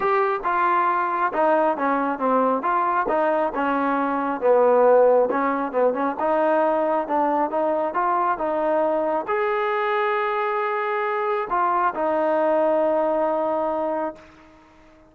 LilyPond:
\new Staff \with { instrumentName = "trombone" } { \time 4/4 \tempo 4 = 136 g'4 f'2 dis'4 | cis'4 c'4 f'4 dis'4 | cis'2 b2 | cis'4 b8 cis'8 dis'2 |
d'4 dis'4 f'4 dis'4~ | dis'4 gis'2.~ | gis'2 f'4 dis'4~ | dis'1 | }